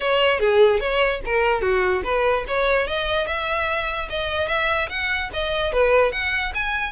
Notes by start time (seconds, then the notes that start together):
0.00 C#5
0.39 G#4
0.80 C#5
1.25 A#4
1.61 F#4
2.03 B4
2.47 C#5
2.87 D#5
3.26 E5
4.09 D#5
4.48 E5
4.89 F#5
5.33 D#5
5.72 B4
6.12 F#5
6.54 G#5